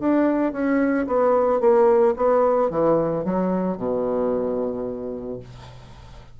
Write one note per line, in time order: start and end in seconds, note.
0.00 0.52 D4
0.52 1.06 C#4
1.07 1.60 B3
1.60 2.14 A#3
2.16 2.70 B3
2.70 3.24 E3
3.25 3.77 F#3
3.77 5.39 B2